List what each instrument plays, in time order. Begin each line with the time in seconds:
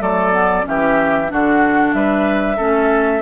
0.00 bassoon F#3, clarinet A3, oboe A4, flute D5
0.33 clarinet B3
0.63 bassoon E3, clarinet C#4, oboe G4, flute E5
1.28 bassoon D3, clarinet D4, oboe F#4, flute F#5
1.94 bassoon G3, oboe B4, flute E5
2.57 bassoon A3, clarinet C#4, oboe A4